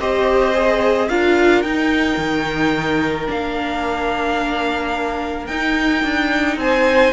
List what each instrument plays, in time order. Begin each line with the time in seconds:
0.00 cello C4, viola G4, violin C5 D#5
0.54 viola G#4
1.09 cello D4, viola F4, violin A#4 F5
1.62 cello D#4, viola D#4, violin G5
2.18 cello D#3
3.27 cello A#3, viola D4, violin F5
5.47 cello D#4, viola D#4, violin G5
6.04 cello D4
6.57 cello C4, violin C5 G#5